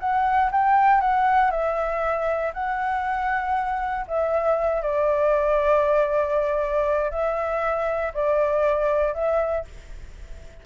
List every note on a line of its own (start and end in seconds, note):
0.00 0.51 F#5
0.52 1.01 G5
1.01 1.51 F#5
1.51 2.53 E5
2.54 4.07 F#5
4.08 4.82 E5
4.82 7.11 D5
7.11 8.13 E5
8.14 9.14 D5
9.14 9.65 E5